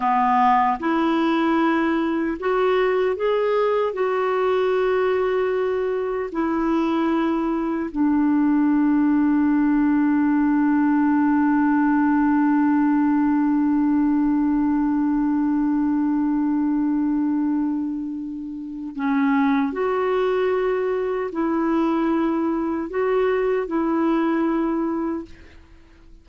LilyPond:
\new Staff \with { instrumentName = "clarinet" } { \time 4/4 \tempo 4 = 76 b4 e'2 fis'4 | gis'4 fis'2. | e'2 d'2~ | d'1~ |
d'1~ | d'1 | cis'4 fis'2 e'4~ | e'4 fis'4 e'2 | }